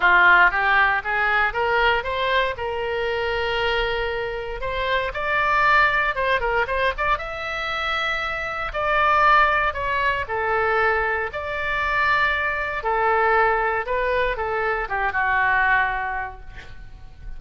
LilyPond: \new Staff \with { instrumentName = "oboe" } { \time 4/4 \tempo 4 = 117 f'4 g'4 gis'4 ais'4 | c''4 ais'2.~ | ais'4 c''4 d''2 | c''8 ais'8 c''8 d''8 e''2~ |
e''4 d''2 cis''4 | a'2 d''2~ | d''4 a'2 b'4 | a'4 g'8 fis'2~ fis'8 | }